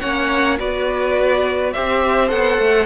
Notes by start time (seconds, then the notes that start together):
0.00 A#3 C#4 C#5 F#5
0.58 B3 F#4 B4 D5
1.73 C4 G4 C5 E5
2.28 B3 A4 F#5
2.58 A3